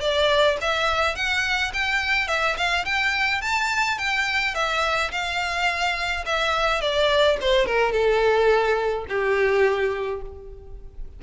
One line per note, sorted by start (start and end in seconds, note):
0.00 0.57 D5
0.61 1.15 E5
1.15 1.72 F#5
1.73 2.28 G5
2.28 2.56 E5
2.57 2.85 F5
2.85 3.41 G5
3.41 3.98 A5
3.98 4.54 G5
4.54 5.11 E5
5.11 6.24 F5
6.26 6.81 E5
6.81 7.37 D5
7.40 7.66 C5
7.66 7.92 A#4
7.92 9.05 A4
9.08 10.21 G4